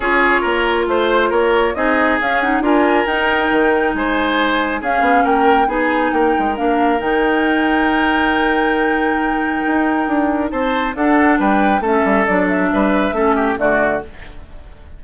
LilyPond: <<
  \new Staff \with { instrumentName = "flute" } { \time 4/4 \tempo 4 = 137 cis''2 c''4 cis''4 | dis''4 f''8 fis''8 gis''4 g''4~ | g''4 gis''2 f''4 | g''4 gis''4 g''4 f''4 |
g''1~ | g''1 | a''4 fis''4 g''4 e''4 | d''8 e''2~ e''8 d''4 | }
  \new Staff \with { instrumentName = "oboe" } { \time 4/4 gis'4 ais'4 c''4 ais'4 | gis'2 ais'2~ | ais'4 c''2 gis'4 | ais'4 gis'4 ais'2~ |
ais'1~ | ais'1 | c''4 a'4 b'4 a'4~ | a'4 b'4 a'8 g'8 fis'4 | }
  \new Staff \with { instrumentName = "clarinet" } { \time 4/4 f'1 | dis'4 cis'8 dis'8 f'4 dis'4~ | dis'2. cis'4~ | cis'4 dis'2 d'4 |
dis'1~ | dis'1~ | dis'4 d'2 cis'4 | d'2 cis'4 a4 | }
  \new Staff \with { instrumentName = "bassoon" } { \time 4/4 cis'4 ais4 a4 ais4 | c'4 cis'4 d'4 dis'4 | dis4 gis2 cis'8 b8 | ais4 b4 ais8 gis8 ais4 |
dis1~ | dis2 dis'4 d'4 | c'4 d'4 g4 a8 g8 | fis4 g4 a4 d4 | }
>>